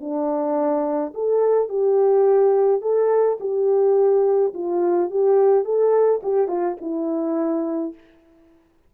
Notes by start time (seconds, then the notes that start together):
0.00 D4
1.14 A4
1.69 G4
2.81 A4
3.40 G4
4.54 F4
5.10 G4
5.64 A4
6.23 G4
6.48 F4
6.81 E4